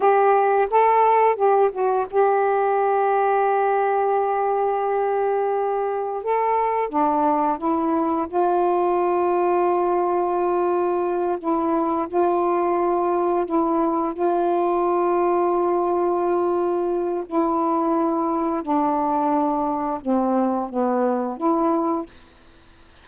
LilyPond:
\new Staff \with { instrumentName = "saxophone" } { \time 4/4 \tempo 4 = 87 g'4 a'4 g'8 fis'8 g'4~ | g'1~ | g'4 a'4 d'4 e'4 | f'1~ |
f'8 e'4 f'2 e'8~ | e'8 f'2.~ f'8~ | f'4 e'2 d'4~ | d'4 c'4 b4 e'4 | }